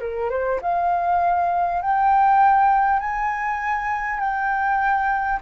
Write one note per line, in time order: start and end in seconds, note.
0.00 0.30 A#4
0.30 0.60 C5
0.62 1.82 F5
1.82 3.00 G5
3.00 4.20 G#5
4.20 5.40 G5